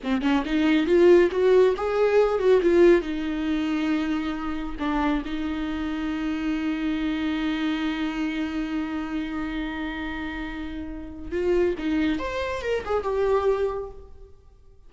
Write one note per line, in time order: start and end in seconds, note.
0.03 0.21 C4
0.21 0.43 C#4
0.45 0.86 D#4
0.86 1.30 F4
1.31 1.74 F#4
1.76 2.39 G#4
2.39 2.60 F#4
2.62 3.01 F4
3.01 4.75 D#4
4.79 5.23 D4
5.25 11.31 D#4
11.31 11.75 F4
11.77 12.19 D#4
12.19 12.61 C5
12.61 12.83 A#4
12.85 13.03 G#4
13.03 13.90 G4